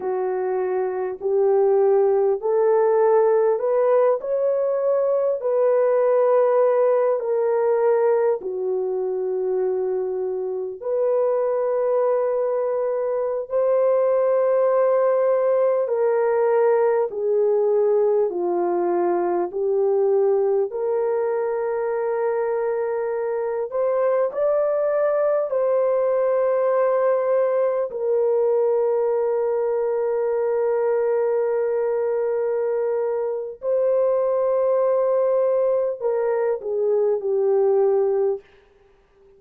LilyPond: \new Staff \with { instrumentName = "horn" } { \time 4/4 \tempo 4 = 50 fis'4 g'4 a'4 b'8 cis''8~ | cis''8 b'4. ais'4 fis'4~ | fis'4 b'2~ b'16 c''8.~ | c''4~ c''16 ais'4 gis'4 f'8.~ |
f'16 g'4 ais'2~ ais'8 c''16~ | c''16 d''4 c''2 ais'8.~ | ais'1 | c''2 ais'8 gis'8 g'4 | }